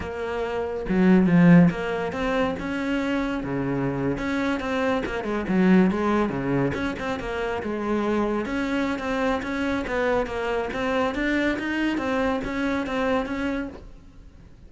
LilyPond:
\new Staff \with { instrumentName = "cello" } { \time 4/4 \tempo 4 = 140 ais2 fis4 f4 | ais4 c'4 cis'2 | cis4.~ cis16 cis'4 c'4 ais16~ | ais16 gis8 fis4 gis4 cis4 cis'16~ |
cis'16 c'8 ais4 gis2 cis'16~ | cis'4 c'4 cis'4 b4 | ais4 c'4 d'4 dis'4 | c'4 cis'4 c'4 cis'4 | }